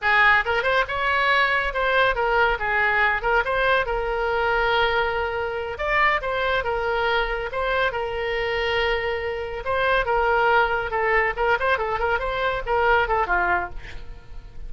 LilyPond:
\new Staff \with { instrumentName = "oboe" } { \time 4/4 \tempo 4 = 140 gis'4 ais'8 c''8 cis''2 | c''4 ais'4 gis'4. ais'8 | c''4 ais'2.~ | ais'4. d''4 c''4 ais'8~ |
ais'4. c''4 ais'4.~ | ais'2~ ais'8 c''4 ais'8~ | ais'4. a'4 ais'8 c''8 a'8 | ais'8 c''4 ais'4 a'8 f'4 | }